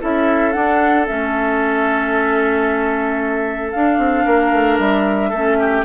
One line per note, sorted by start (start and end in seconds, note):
0.00 0.55 C#4
0.00 0.53 E4
0.00 4.25 A4
0.00 0.52 E5
0.52 1.07 D4
0.52 1.08 D4
0.52 1.06 F#5
1.07 3.74 A3
1.07 3.72 C#4
1.07 3.71 E5
3.71 3.98 D4
3.71 5.34 D4
3.71 4.78 F5
3.98 4.25 C4
4.25 4.52 A#3
4.25 5.30 A#4
4.52 4.79 A3
4.79 5.32 G3
4.79 5.85 E5
5.30 5.85 A3
5.30 5.85 C#4
5.30 5.56 A4
5.60 5.85 G4